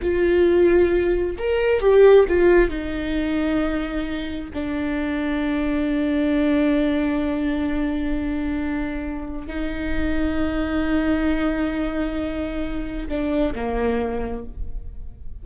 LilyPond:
\new Staff \with { instrumentName = "viola" } { \time 4/4 \tempo 4 = 133 f'2. ais'4 | g'4 f'4 dis'2~ | dis'2 d'2~ | d'1~ |
d'1~ | d'4 dis'2.~ | dis'1~ | dis'4 d'4 ais2 | }